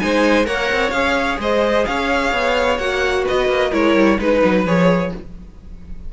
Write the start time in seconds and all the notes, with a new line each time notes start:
0.00 G#3 D#4 C5 G#5
0.45 A#3 A#4 C#5 F#5
0.73 C4
0.91 C#4 G#4 F5
1.39 G#3 C5 D#5
1.86 C#4 C#5 F5
2.33 B3
2.78 A#3 F#4 F#5
3.25 B4 D#5
3.32 B3
3.48 A#3
3.71 G#3 E4 A#4 C#5
3.95 G3
4.19 G#3 D#4 B4
4.44 F#3
4.66 F3 G#4 C#5